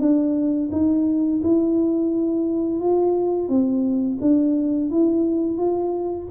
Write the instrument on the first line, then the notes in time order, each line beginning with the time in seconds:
tuba
0.00 D4
0.72 D#4
1.43 E4
2.80 F4
3.49 C4
4.21 D4
4.91 E4
5.58 F4